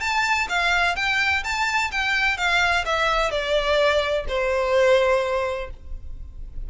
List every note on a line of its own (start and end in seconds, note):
0.00 0.47 A5
0.49 0.96 F5
0.96 1.43 G5
1.44 1.91 A5
1.91 2.38 G5
2.38 2.85 F5
2.85 3.31 E5
3.31 4.25 D5
4.28 5.70 C5